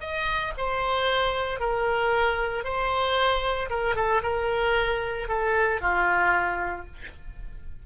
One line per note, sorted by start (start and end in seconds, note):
0.00 0.53 D#5
0.57 1.60 C5
1.60 2.64 A#4
2.64 3.69 C5
3.70 3.95 A#4
3.95 4.22 A4
4.22 5.28 A#4
5.28 5.81 A4
5.81 6.86 F4